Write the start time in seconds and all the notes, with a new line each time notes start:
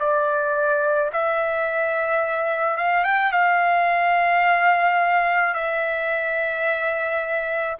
0.00 D5
1.13 E5
2.78 F5
3.05 G5
3.32 F5
5.55 E5